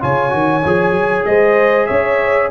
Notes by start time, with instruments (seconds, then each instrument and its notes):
0.00 tuba C#3, trombone F4, horn C#5, trumpet G#5
0.29 tuba D#3, trombone F#4
0.64 tuba F3, trombone G#4
0.91 tuba F#3
1.25 tuba G#3, horn C5, trumpet D#5
1.86 tuba C#4, horn C#5, trumpet E5